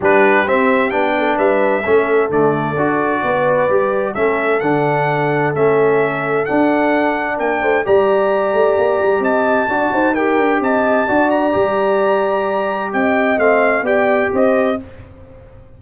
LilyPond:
<<
  \new Staff \with { instrumentName = "trumpet" } { \time 4/4 \tempo 4 = 130 b'4 e''4 g''4 e''4~ | e''4 d''2.~ | d''4 e''4 fis''2 | e''2 fis''2 |
g''4 ais''2. | a''2 g''4 a''4~ | a''8 ais''2.~ ais''8 | g''4 f''4 g''4 dis''4 | }
  \new Staff \with { instrumentName = "horn" } { \time 4/4 g'2~ g'8 a'8 b'4 | a'2. b'4~ | b'4 a'2.~ | a'1 |
ais'8 c''8 d''2. | dis''4 d''8 c''8 ais'4 dis''4 | d''1 | dis''2 d''4 c''4 | }
  \new Staff \with { instrumentName = "trombone" } { \time 4/4 d'4 c'4 d'2 | cis'4 a4 fis'2 | g'4 cis'4 d'2 | cis'2 d'2~ |
d'4 g'2.~ | g'4 fis'4 g'2 | fis'4 g'2.~ | g'4 c'4 g'2 | }
  \new Staff \with { instrumentName = "tuba" } { \time 4/4 g4 c'4 b4 g4 | a4 d4 d'4 b4 | g4 a4 d2 | a2 d'2 |
ais8 a8 g4. a8 ais8 g8 | c'4 d'8 dis'4 d'8 c'4 | d'4 g2. | c'4 a4 b4 c'4 | }
>>